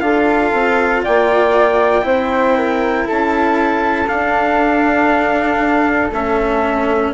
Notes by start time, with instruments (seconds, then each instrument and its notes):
0.00 bassoon D4, cello F4, flute A4, trumpet F5
0.53 bassoon C4
1.03 bassoon A#3, flute D5, trumpet G5
2.01 bassoon C4, cello E4, flute C5
2.56 flute A#4
3.07 bassoon C#4, flute A4, trumpet A5
4.06 cello D4, bassoon D4, trumpet F5
6.10 bassoon A3, cello C#4, trumpet E5